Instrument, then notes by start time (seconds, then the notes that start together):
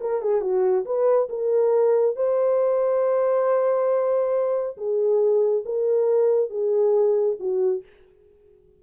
horn
0.00 A#4
0.21 G#4
0.41 F#4
0.85 B4
1.29 A#4
2.16 C5
4.77 G#4
5.65 A#4
6.50 G#4
7.39 F#4